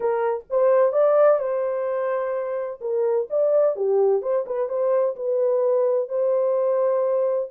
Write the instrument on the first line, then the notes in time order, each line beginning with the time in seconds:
horn
0.00 A#4
0.49 C5
0.92 D5
1.39 C5
2.81 A#4
3.30 D5
3.76 G4
4.21 C5
4.46 B4
4.68 C5
5.16 B4
6.08 C5